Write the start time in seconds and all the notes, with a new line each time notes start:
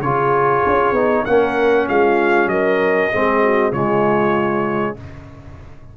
0.00 C#3 F4 G#4 C#5
0.66 C#4
0.93 B3 D#4
1.25 A#3 C#4 A#4 F#5
1.89 G#3 F4 F5
2.47 F#3 A#4 D#5
3.11 G#3 C4 G#4
3.43 F#4
3.71 C#3 G#3 F4 C#5